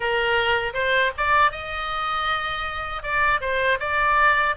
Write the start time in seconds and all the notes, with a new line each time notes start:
0.00 A#4
0.73 C5
1.17 D5
1.51 D#5
3.02 D5
3.40 C5
3.79 D5